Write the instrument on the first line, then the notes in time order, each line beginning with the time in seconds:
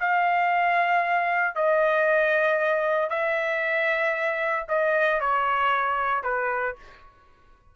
trumpet
0.00 F5
1.56 D#5
3.10 E5
4.69 D#5
5.21 C#5
6.24 B4